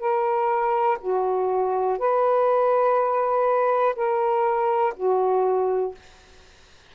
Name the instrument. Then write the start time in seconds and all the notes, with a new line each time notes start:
saxophone
0.00 A#4
1.01 F#4
1.99 B4
3.96 A#4
4.97 F#4